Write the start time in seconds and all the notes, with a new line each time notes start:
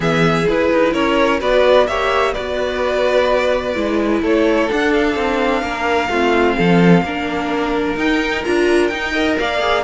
0.00 E3 B3 G#4 E5
0.48 E4 B4
0.72 D#4
0.93 C#4 A#4 C#5
1.40 B3 F#4 B4 D5
1.87 A#3 G4 C#5 E5
2.33 B3 F#4 B4 D5
3.75 G#3 E4
4.21 A3 A4 C#5
4.68 D4 F#5
4.93 F5
5.15 C4
5.62 A#3 A#4
6.09 A3 C4 F4
6.56 F3 A4
7.01 A#3 D4 A#4
7.96 D#4 G5
8.43 D4 F4 A#5
8.87 D#4 G5
9.12 A#4 D#5
9.39 A#3 D5 F5
9.59 G#4